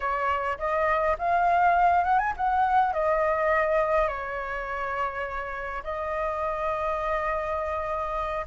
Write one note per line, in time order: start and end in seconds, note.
0.00 0.57 C#5
0.58 1.17 D#5
1.18 2.04 F5
2.04 2.18 F#5
2.18 2.33 G#5
2.36 2.93 F#5
2.93 4.08 D#5
4.08 5.82 C#5
5.83 8.45 D#5